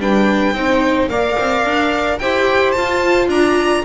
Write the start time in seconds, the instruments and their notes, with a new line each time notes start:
0.00 double bass G3, viola D4, saxophone B4, violin G5
0.53 double bass C4, viola D#4, saxophone C5
1.09 double bass A#3, viola A#4, saxophone D5, violin F5
1.39 double bass C4
1.65 double bass D4
2.19 double bass E4, viola G4, saxophone C5, violin G5
2.72 viola F4, double bass F4, violin A5
3.28 double bass D4, saxophone D5, violin A#5